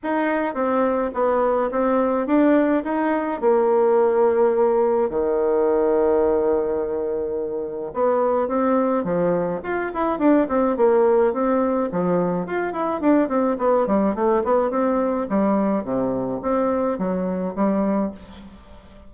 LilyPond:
\new Staff \with { instrumentName = "bassoon" } { \time 4/4 \tempo 4 = 106 dis'4 c'4 b4 c'4 | d'4 dis'4 ais2~ | ais4 dis2.~ | dis2 b4 c'4 |
f4 f'8 e'8 d'8 c'8 ais4 | c'4 f4 f'8 e'8 d'8 c'8 | b8 g8 a8 b8 c'4 g4 | c4 c'4 fis4 g4 | }